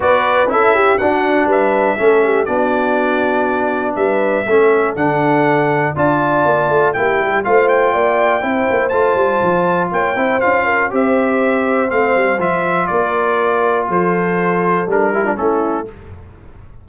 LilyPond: <<
  \new Staff \with { instrumentName = "trumpet" } { \time 4/4 \tempo 4 = 121 d''4 e''4 fis''4 e''4~ | e''4 d''2. | e''2 fis''2 | a''2 g''4 f''8 g''8~ |
g''2 a''2 | g''4 f''4 e''2 | f''4 e''4 d''2 | c''2 ais'4 a'4 | }
  \new Staff \with { instrumentName = "horn" } { \time 4/4 b'4 a'8 g'8 fis'4 b'4 | a'8 g'8 fis'2. | b'4 a'2. | d''2 g'4 c''4 |
d''4 c''2. | cis''8 c''4 ais'8 c''2~ | c''2 ais'2 | a'2~ a'8 g'16 f'16 e'4 | }
  \new Staff \with { instrumentName = "trombone" } { \time 4/4 fis'4 e'4 d'2 | cis'4 d'2.~ | d'4 cis'4 d'2 | f'2 e'4 f'4~ |
f'4 e'4 f'2~ | f'8 e'8 f'4 g'2 | c'4 f'2.~ | f'2 d'8 e'16 d'16 cis'4 | }
  \new Staff \with { instrumentName = "tuba" } { \time 4/4 b4 cis'4 d'4 g4 | a4 b2. | g4 a4 d2 | d'4 ais8 a8 ais8 g8 a4 |
ais4 c'8 ais8 a8 g8 f4 | ais8 c'8 cis'4 c'2 | a8 g8 f4 ais2 | f2 g4 a4 | }
>>